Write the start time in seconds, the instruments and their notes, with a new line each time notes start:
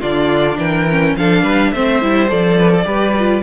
0.00 cello D3, viola D4, violin F4 D5
0.57 cello E3, violin A#4 G5
0.90 viola C#4
1.15 cello F3, viola D4, violin A4 F5
1.42 cello G3, violin B4
1.72 cello A3, viola C4, violin C5 E5
2.01 cello G3, viola E4
2.28 cello F3, viola A4, violin D5
2.58 violin B4
2.70 violin A4
2.84 cello G3, viola G4, violin B4
3.18 viola F4